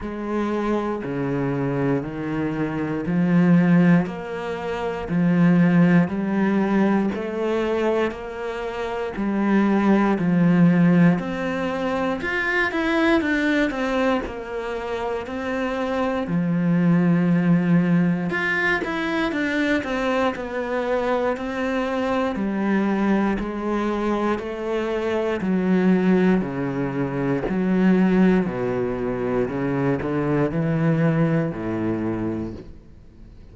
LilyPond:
\new Staff \with { instrumentName = "cello" } { \time 4/4 \tempo 4 = 59 gis4 cis4 dis4 f4 | ais4 f4 g4 a4 | ais4 g4 f4 c'4 | f'8 e'8 d'8 c'8 ais4 c'4 |
f2 f'8 e'8 d'8 c'8 | b4 c'4 g4 gis4 | a4 fis4 cis4 fis4 | b,4 cis8 d8 e4 a,4 | }